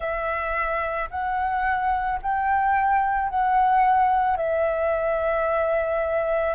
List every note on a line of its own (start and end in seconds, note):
0.00 1.09 E5
1.10 2.19 F#5
2.22 3.29 G5
3.29 4.36 F#5
4.36 6.55 E5